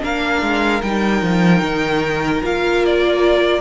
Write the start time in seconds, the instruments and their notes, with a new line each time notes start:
0.00 cello A#3, viola D4, violin A#4 F5
0.42 cello G#3
0.82 cello G3, viola D#4, violin G5
1.22 cello F3
1.62 cello D#3
2.43 cello A#3, viola F4, violin F5
2.85 violin D5